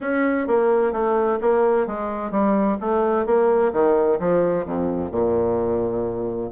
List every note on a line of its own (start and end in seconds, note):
0.00 0.47 C#4
0.47 0.92 A#3
0.92 1.38 A3
1.41 1.86 A#3
1.86 2.31 G#3
2.31 2.77 G3
2.80 3.26 A3
3.26 3.72 A#3
3.72 4.19 D#3
4.19 4.65 F3
4.65 5.11 F2
5.11 6.50 A#2